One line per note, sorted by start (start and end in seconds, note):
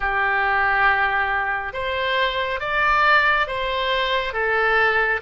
0.00 1.73 G4
1.73 2.60 C5
2.60 3.47 D5
3.47 4.33 C5
4.33 5.20 A4